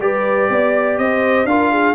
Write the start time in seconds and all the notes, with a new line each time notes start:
0.00 G3 G4 B4 D5
0.49 B3 D5
0.98 C4 C5 D#5
1.45 D4 F4 A#4 F5
1.72 G#4